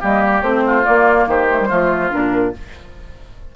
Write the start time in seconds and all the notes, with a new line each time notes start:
0.00 G3 A#3 G4 D#5
0.22 D5
0.42 A3 C4 C5
0.66 F4
0.83 A#3 D5
1.26 D#3 G4 C5
1.50 A3
1.59 G3
1.68 F3 A3 F4
2.10 A#2 D4 A#4